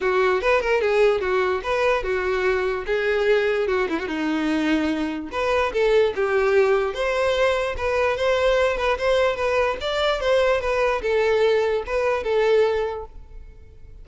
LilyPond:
\new Staff \with { instrumentName = "violin" } { \time 4/4 \tempo 4 = 147 fis'4 b'8 ais'8 gis'4 fis'4 | b'4 fis'2 gis'4~ | gis'4 fis'8 e'16 fis'16 dis'2~ | dis'4 b'4 a'4 g'4~ |
g'4 c''2 b'4 | c''4. b'8 c''4 b'4 | d''4 c''4 b'4 a'4~ | a'4 b'4 a'2 | }